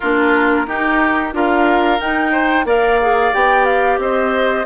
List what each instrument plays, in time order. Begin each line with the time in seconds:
0.00 bassoon A#3, clarinet D4, oboe F4, flute A#4
0.67 clarinet D#4, bassoon D#4, oboe G4
1.32 bassoon D4, clarinet F4, oboe A#4, flute F5
1.99 bassoon D#4, clarinet D#4, flute G5
2.32 oboe C5
2.65 bassoon A#3, clarinet A#4, oboe D5, flute F5
3.01 clarinet G#4
3.32 bassoon B3, clarinet G4, flute G5
3.65 flute F5
3.98 bassoon C4, oboe C5, flute D#5